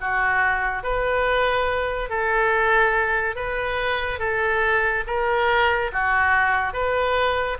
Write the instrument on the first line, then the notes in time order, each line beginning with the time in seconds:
oboe
0.00 F#4
0.83 B4
2.09 A4
3.35 B4
4.19 A4
5.06 A#4
5.92 F#4
6.73 B4